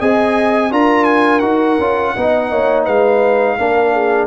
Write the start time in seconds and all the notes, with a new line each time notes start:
0.00 C4 G#4 D#5 G#5
0.71 D4 F4 A#4 A#5
1.05 G#5
1.40 D#4 F#4 F#5
1.79 C#4 F4
2.17 B3 D#4 D#5
2.52 A#3 C#5
2.85 G#3 B4 F5
3.58 A#3 D4 A#4
3.93 G#4